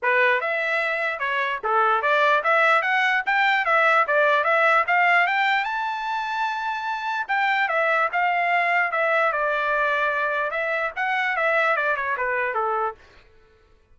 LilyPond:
\new Staff \with { instrumentName = "trumpet" } { \time 4/4 \tempo 4 = 148 b'4 e''2 cis''4 | a'4 d''4 e''4 fis''4 | g''4 e''4 d''4 e''4 | f''4 g''4 a''2~ |
a''2 g''4 e''4 | f''2 e''4 d''4~ | d''2 e''4 fis''4 | e''4 d''8 cis''8 b'4 a'4 | }